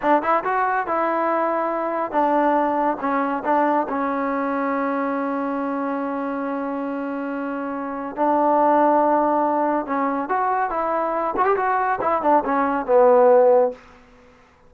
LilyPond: \new Staff \with { instrumentName = "trombone" } { \time 4/4 \tempo 4 = 140 d'8 e'8 fis'4 e'2~ | e'4 d'2 cis'4 | d'4 cis'2.~ | cis'1~ |
cis'2. d'4~ | d'2. cis'4 | fis'4 e'4. fis'16 g'16 fis'4 | e'8 d'8 cis'4 b2 | }